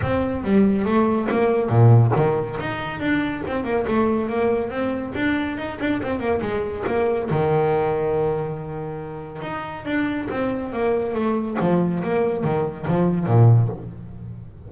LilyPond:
\new Staff \with { instrumentName = "double bass" } { \time 4/4 \tempo 4 = 140 c'4 g4 a4 ais4 | ais,4 dis4 dis'4 d'4 | c'8 ais8 a4 ais4 c'4 | d'4 dis'8 d'8 c'8 ais8 gis4 |
ais4 dis2.~ | dis2 dis'4 d'4 | c'4 ais4 a4 f4 | ais4 dis4 f4 ais,4 | }